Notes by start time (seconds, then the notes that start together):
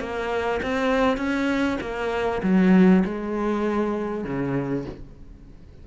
0.00 A#3
0.63 C4
1.18 C#4
1.81 A#3
2.43 F#3
3.05 G#3
4.25 C#3